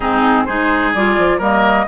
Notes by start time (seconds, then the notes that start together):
0.00 G#2 C4 D#4 G#4
0.45 G#3 D#4 G#4 C5
0.93 G3 F4 D5
1.18 F3
1.37 G3 A#3 A#4 D#5